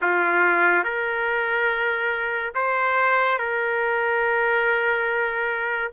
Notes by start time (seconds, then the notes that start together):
0.01 F4
0.84 A#4
2.55 C5
3.38 A#4